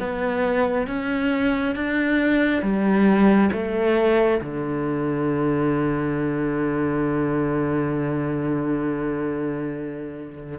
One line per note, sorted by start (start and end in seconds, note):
0.00 0.87 B3
0.87 1.76 C#4
1.76 2.62 D4
2.62 3.51 G3
3.53 4.41 A3
4.42 10.59 D3